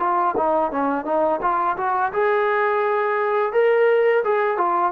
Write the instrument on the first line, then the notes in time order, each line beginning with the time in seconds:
trombone
0.00 F4
0.38 D#4
0.72 C#4
1.05 D#4
1.42 F4
1.77 F#4
2.13 G#4
3.53 A#4
4.24 G#4
4.58 F4